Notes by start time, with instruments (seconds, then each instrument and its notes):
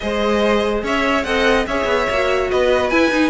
0.00 cello G#3, viola G#4, violin C5 D#5
0.83 cello C#4, violin C#5 E5
1.23 cello C4, viola A4, violin D#5 F#5
1.66 cello C#4, viola G#4, violin C#5 E5
1.85 cello B3
2.09 cello A#3, viola F#4
2.50 cello B3, violin B4 D#5
2.89 cello E4, viola E4, violin G#5
3.10 cello D#4, viola D#4